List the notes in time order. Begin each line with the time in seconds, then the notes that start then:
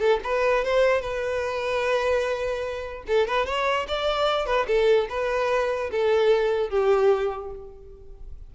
0.00 A4
0.24 B4
0.65 C5
1.01 B4
3.07 A4
3.27 B4
3.46 C#5
3.88 D5
4.46 B4
4.67 A4
5.09 B4
5.92 A4
6.70 G4